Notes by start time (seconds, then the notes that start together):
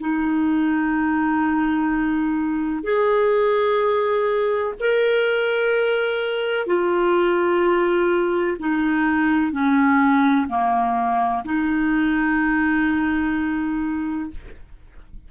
0.00 D#4
2.84 G#4
4.80 A#4
6.67 F4
8.60 D#4
9.52 C#4
10.48 A#3
11.45 D#4